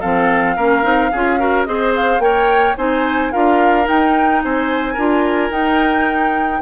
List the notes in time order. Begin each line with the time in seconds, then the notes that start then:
0.00 F3 C4 A4 F5
0.56 A#3 C#4 A#4
0.82 C4 D#4
1.11 C#4 F4 G#4
1.39 F#4 A#4
1.65 C4 G#4 C5 D#5
1.96 F5
2.19 A#3 A#4 C#5 G5
2.77 C4 D#4 C5 G#5
3.32 D4 F4 A#4 F5
3.84 D#4 G5
4.43 C4 C5 G#5
4.93 D4 F4 A#4
5.50 D#4 G5